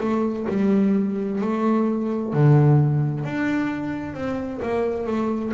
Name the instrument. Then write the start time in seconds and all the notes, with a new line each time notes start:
double bass
0.00 A3
0.49 G3
1.41 A3
2.33 D3
3.24 D4
4.14 C4
4.62 A#3
5.06 A3